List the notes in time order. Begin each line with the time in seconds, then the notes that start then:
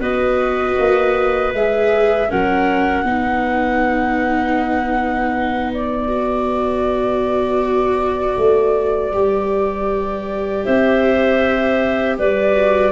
0.00 B3 F#4 B4 D#5
0.78 A#3
1.53 G#3 G#4 E5
2.29 F#3 C#4 A#4 F#5
3.03 B3 D#4 B4
5.73 D5
6.08 F#4
8.37 A3
9.12 G3 G4
10.64 C4 C5 E5
12.18 G3 B4 D5
12.53 F#4